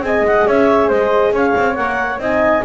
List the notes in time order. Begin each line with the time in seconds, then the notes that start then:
0.00 C4 G#4 D#5 G#5
0.21 G#3 F#5
0.46 C#4 C#5 E5
0.88 G#3 C5 D#5
1.31 C#4 C#5 F5
1.57 C4
1.75 A#3 A#4 F#5
2.18 C4 D#4 D#5 G#5